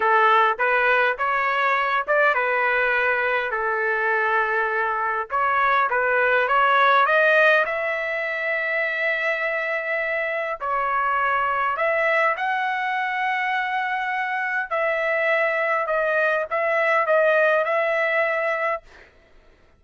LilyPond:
\new Staff \with { instrumentName = "trumpet" } { \time 4/4 \tempo 4 = 102 a'4 b'4 cis''4. d''8 | b'2 a'2~ | a'4 cis''4 b'4 cis''4 | dis''4 e''2.~ |
e''2 cis''2 | e''4 fis''2.~ | fis''4 e''2 dis''4 | e''4 dis''4 e''2 | }